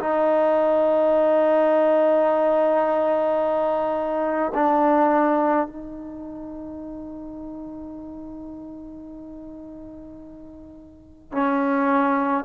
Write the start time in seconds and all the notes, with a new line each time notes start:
0.00 D#4
4.55 D4
5.67 D#4
11.32 C#4